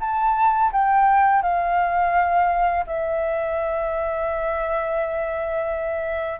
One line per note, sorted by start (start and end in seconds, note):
0.00 0.71 A5
0.72 1.42 G5
1.42 2.85 F5
2.86 6.40 E5